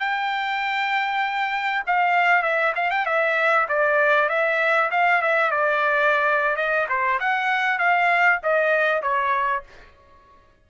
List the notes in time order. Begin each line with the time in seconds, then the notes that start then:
0.00 G5
1.87 F5
2.43 E5
2.76 F5
2.91 G5
3.06 E5
3.69 D5
4.29 E5
4.91 F5
5.22 E5
5.51 D5
6.56 D#5
6.89 C5
7.20 F#5
7.79 F5
8.44 D#5
9.03 C#5